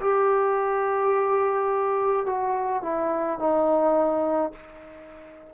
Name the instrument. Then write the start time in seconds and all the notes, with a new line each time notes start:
trombone
0.00 G4
2.25 F#4
2.82 E4
3.39 D#4